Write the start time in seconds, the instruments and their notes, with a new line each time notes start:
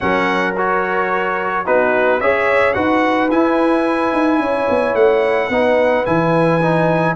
0.00 tuba F#3, trombone C#4, horn A#4, trumpet F#5
0.57 trombone F#4, trumpet C#5
1.65 tuba B3, trombone D#4, horn F#4, trumpet B4
2.20 tuba C#4, trombone G#4, horn C#5, trumpet E5
2.73 tuba D#4, trombone F#4, horn B4, trumpet F#5
3.30 tuba E4, trombone E4, trumpet G#5
4.12 tuba D#4
4.39 tuba C#4, horn C#5
4.69 tuba B3
4.94 tuba A3, trumpet F#5
5.49 tuba B3, trombone D#4, horn B4
6.05 tuba E3, trombone E4, trumpet G#5
6.61 trombone D#4